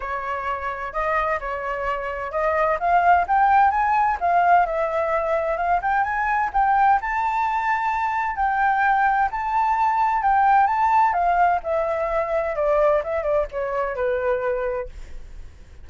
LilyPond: \new Staff \with { instrumentName = "flute" } { \time 4/4 \tempo 4 = 129 cis''2 dis''4 cis''4~ | cis''4 dis''4 f''4 g''4 | gis''4 f''4 e''2 | f''8 g''8 gis''4 g''4 a''4~ |
a''2 g''2 | a''2 g''4 a''4 | f''4 e''2 d''4 | e''8 d''8 cis''4 b'2 | }